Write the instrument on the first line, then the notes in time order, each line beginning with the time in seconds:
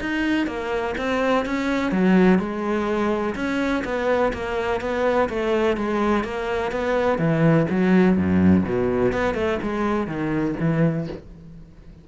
cello
0.00 D#4
0.46 A#3
0.97 C4
1.45 C#4
1.91 F#3
2.38 G#3
3.35 C#4
3.84 B3
4.33 A#3
4.80 B3
5.29 A3
5.76 G#3
6.24 A#3
6.71 B3
7.18 E3
7.69 F#3
8.16 F#2
8.64 B2
9.12 B3
9.34 A3
9.62 G#3
10.07 D#3
10.59 E3